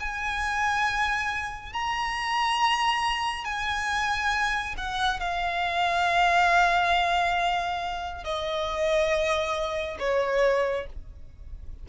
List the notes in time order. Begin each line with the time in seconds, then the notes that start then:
0.00 G#5
1.73 A#5
3.45 G#5
4.77 F#5
5.20 F5
8.24 D#5
9.99 C#5